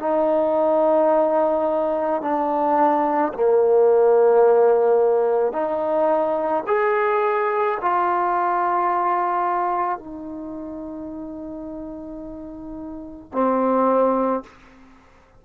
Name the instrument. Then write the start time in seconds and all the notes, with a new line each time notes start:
trombone
0.00 D#4
2.22 D4
3.34 A#3
5.53 D#4
6.67 G#4
7.82 F4
9.99 D#4
13.33 C4